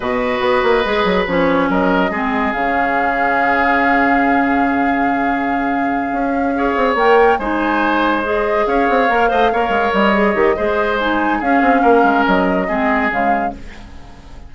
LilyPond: <<
  \new Staff \with { instrumentName = "flute" } { \time 4/4 \tempo 4 = 142 dis''2. cis''4 | dis''2 f''2~ | f''1~ | f''1~ |
f''8 g''4 gis''2 dis''8~ | dis''8 f''2. dis''8~ | dis''2 gis''4 f''4~ | f''4 dis''2 f''4 | }
  \new Staff \with { instrumentName = "oboe" } { \time 4/4 b'1 | ais'4 gis'2.~ | gis'1~ | gis'2.~ gis'8 cis''8~ |
cis''4. c''2~ c''8~ | c''8 cis''4. dis''8 cis''4.~ | cis''4 c''2 gis'4 | ais'2 gis'2 | }
  \new Staff \with { instrumentName = "clarinet" } { \time 4/4 fis'2 gis'4 cis'4~ | cis'4 c'4 cis'2~ | cis'1~ | cis'2.~ cis'8 gis'8~ |
gis'8 ais'4 dis'2 gis'8~ | gis'4. ais'8 c''8 ais'4. | gis'8 g'8 gis'4 dis'4 cis'4~ | cis'2 c'4 gis4 | }
  \new Staff \with { instrumentName = "bassoon" } { \time 4/4 b,4 b8 ais8 gis8 fis8 f4 | fis4 gis4 cis2~ | cis1~ | cis2~ cis8 cis'4. |
c'8 ais4 gis2~ gis8~ | gis8 cis'8 c'8 ais8 a8 ais8 gis8 g8~ | g8 dis8 gis2 cis'8 c'8 | ais8 gis8 fis4 gis4 cis4 | }
>>